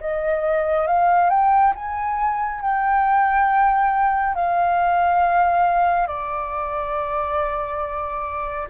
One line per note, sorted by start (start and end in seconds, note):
0.00 0.87 D#5
0.87 1.30 F5
1.30 1.74 G5
1.75 2.61 G#5
2.61 4.35 G5
4.35 6.07 F5
6.07 8.68 D5